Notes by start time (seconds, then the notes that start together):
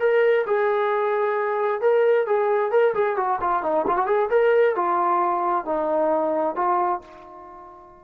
0.00 A#4
0.47 G#4
1.82 A#4
2.27 G#4
2.71 A#4
2.95 G#4
3.17 F#4
3.41 F4
3.63 D#4
3.87 F4
3.97 F#4
4.07 G#4
4.31 A#4
4.76 F4
5.66 D#4
6.56 F4